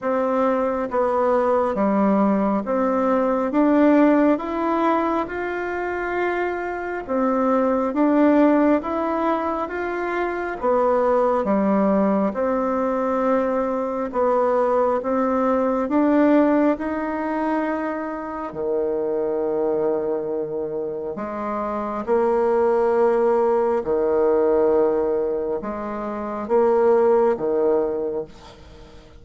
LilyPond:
\new Staff \with { instrumentName = "bassoon" } { \time 4/4 \tempo 4 = 68 c'4 b4 g4 c'4 | d'4 e'4 f'2 | c'4 d'4 e'4 f'4 | b4 g4 c'2 |
b4 c'4 d'4 dis'4~ | dis'4 dis2. | gis4 ais2 dis4~ | dis4 gis4 ais4 dis4 | }